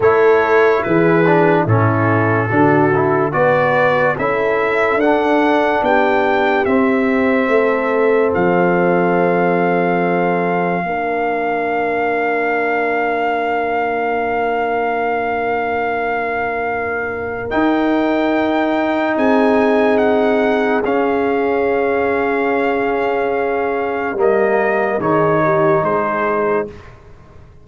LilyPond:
<<
  \new Staff \with { instrumentName = "trumpet" } { \time 4/4 \tempo 4 = 72 cis''4 b'4 a'2 | d''4 e''4 fis''4 g''4 | e''2 f''2~ | f''1~ |
f''1~ | f''4 g''2 gis''4 | fis''4 f''2.~ | f''4 dis''4 cis''4 c''4 | }
  \new Staff \with { instrumentName = "horn" } { \time 4/4 a'4 gis'4 e'4 fis'4 | b'4 a'2 g'4~ | g'4 a'2.~ | a'4 ais'2.~ |
ais'1~ | ais'2. gis'4~ | gis'1~ | gis'4 ais'4 gis'8 g'8 gis'4 | }
  \new Staff \with { instrumentName = "trombone" } { \time 4/4 e'4. d'8 cis'4 d'8 e'8 | fis'4 e'4 d'2 | c'1~ | c'4 d'2.~ |
d'1~ | d'4 dis'2.~ | dis'4 cis'2.~ | cis'4 ais4 dis'2 | }
  \new Staff \with { instrumentName = "tuba" } { \time 4/4 a4 e4 a,4 d4 | b4 cis'4 d'4 b4 | c'4 a4 f2~ | f4 ais2.~ |
ais1~ | ais4 dis'2 c'4~ | c'4 cis'2.~ | cis'4 g4 dis4 gis4 | }
>>